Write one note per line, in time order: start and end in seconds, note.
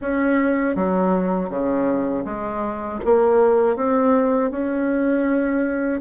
0.01 0.75 C#4
0.75 1.49 F#3
1.49 2.24 C#3
2.24 2.99 G#3
3.04 3.76 A#3
3.76 4.50 C4
4.50 6.00 C#4